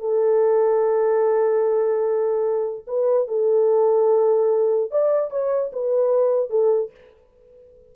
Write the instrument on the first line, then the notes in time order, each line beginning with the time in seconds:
horn
0.00 A4
2.87 B4
3.28 A4
4.91 D5
5.31 C#5
5.73 B4
6.50 A4